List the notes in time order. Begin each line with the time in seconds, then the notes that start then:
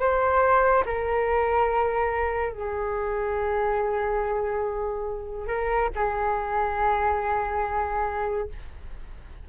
0.00 C5
0.86 A#4
2.53 G#4
5.48 A#4
5.96 G#4